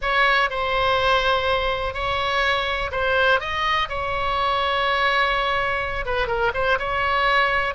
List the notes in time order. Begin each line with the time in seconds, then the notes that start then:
0.01 C#5
0.49 C5
1.94 C#5
2.91 C5
3.40 D#5
3.88 C#5
6.05 B4
6.27 A#4
6.54 C5
6.78 C#5